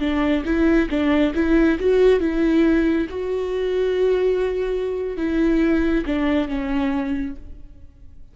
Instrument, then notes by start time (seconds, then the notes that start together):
viola
0.00 D4
0.45 E4
0.90 D4
1.35 E4
1.80 F#4
2.20 E4
3.10 F#4
5.17 E4
6.06 D4
6.48 C#4